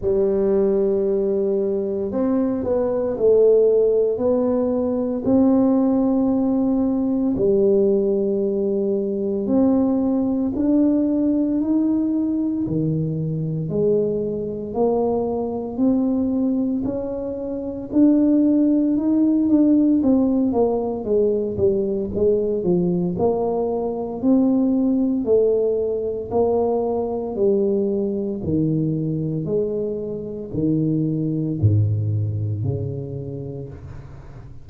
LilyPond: \new Staff \with { instrumentName = "tuba" } { \time 4/4 \tempo 4 = 57 g2 c'8 b8 a4 | b4 c'2 g4~ | g4 c'4 d'4 dis'4 | dis4 gis4 ais4 c'4 |
cis'4 d'4 dis'8 d'8 c'8 ais8 | gis8 g8 gis8 f8 ais4 c'4 | a4 ais4 g4 dis4 | gis4 dis4 gis,4 cis4 | }